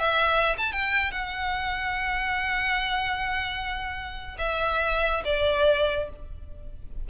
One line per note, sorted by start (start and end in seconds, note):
0.00 0.57 E5
0.58 0.73 A5
0.73 1.12 G5
1.12 4.37 F#5
4.39 5.24 E5
5.25 6.10 D5